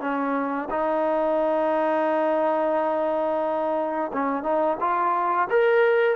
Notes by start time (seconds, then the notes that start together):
0.00 C#4
0.70 D#4
4.12 C#4
4.43 D#4
4.80 F4
5.49 A#4